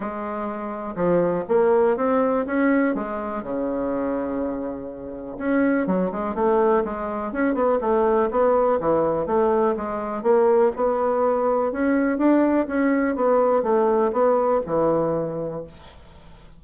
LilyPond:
\new Staff \with { instrumentName = "bassoon" } { \time 4/4 \tempo 4 = 123 gis2 f4 ais4 | c'4 cis'4 gis4 cis4~ | cis2. cis'4 | fis8 gis8 a4 gis4 cis'8 b8 |
a4 b4 e4 a4 | gis4 ais4 b2 | cis'4 d'4 cis'4 b4 | a4 b4 e2 | }